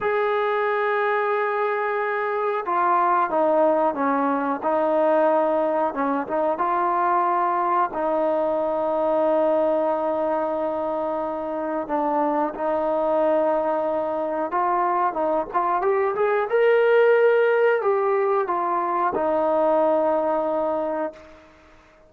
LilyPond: \new Staff \with { instrumentName = "trombone" } { \time 4/4 \tempo 4 = 91 gis'1 | f'4 dis'4 cis'4 dis'4~ | dis'4 cis'8 dis'8 f'2 | dis'1~ |
dis'2 d'4 dis'4~ | dis'2 f'4 dis'8 f'8 | g'8 gis'8 ais'2 g'4 | f'4 dis'2. | }